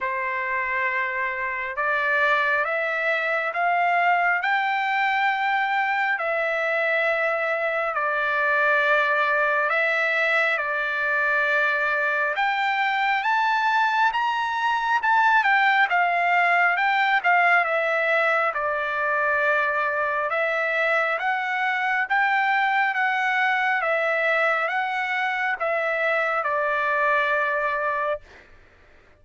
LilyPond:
\new Staff \with { instrumentName = "trumpet" } { \time 4/4 \tempo 4 = 68 c''2 d''4 e''4 | f''4 g''2 e''4~ | e''4 d''2 e''4 | d''2 g''4 a''4 |
ais''4 a''8 g''8 f''4 g''8 f''8 | e''4 d''2 e''4 | fis''4 g''4 fis''4 e''4 | fis''4 e''4 d''2 | }